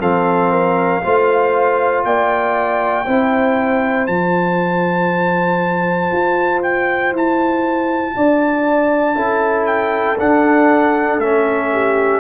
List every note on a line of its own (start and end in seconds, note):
0.00 1.02 F3
0.00 1.02 C4
0.00 0.51 A4
0.00 2.04 F5
0.51 1.02 A#4
1.02 2.04 A3
1.02 3.06 F4
1.02 2.06 C5
2.04 3.06 A#3
2.04 3.05 D5
2.04 4.07 G5
3.05 4.08 C4
3.05 4.08 E4
3.05 8.14 C5
4.07 6.11 F3
4.07 9.15 F4
4.07 6.61 A5
6.12 7.12 F4
6.62 7.13 G5
7.12 8.14 E4
7.12 9.66 A5
8.16 9.16 D4
8.16 9.16 D5
9.15 10.17 C#4
9.15 10.16 E4
9.15 11.70 A4
9.66 10.17 G5
10.19 11.21 D4
10.19 11.18 D4
10.19 11.20 F#5
11.18 12.20 A3
11.18 12.20 C#4
11.18 12.20 E5
11.72 12.20 G4